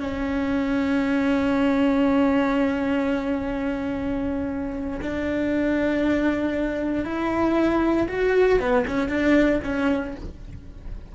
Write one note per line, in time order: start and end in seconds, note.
0.00 5.00 C#4
5.01 7.04 D4
7.04 8.07 E4
8.08 8.59 F#4
8.59 8.85 B3
8.87 9.09 C#4
9.09 9.60 D4
9.64 10.15 C#4